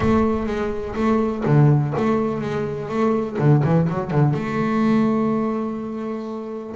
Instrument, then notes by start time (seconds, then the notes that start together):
double bass
0.00 A3
0.46 G#3
0.95 A3
1.45 D3
1.97 A3
2.41 G#3
2.88 A3
3.38 D3
3.64 E3
3.89 F#3
4.10 D3
4.33 A3